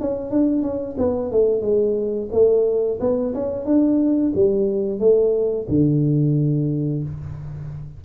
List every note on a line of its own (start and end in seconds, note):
0.00 0.30 C#4
0.30 0.62 D4
0.62 0.96 C#4
0.98 1.31 B3
1.31 1.61 A3
1.61 2.29 G#3
2.32 2.99 A3
3.00 3.34 B3
3.34 3.65 C#4
3.65 4.33 D4
4.35 4.99 G3
4.99 5.67 A3
5.68 7.03 D3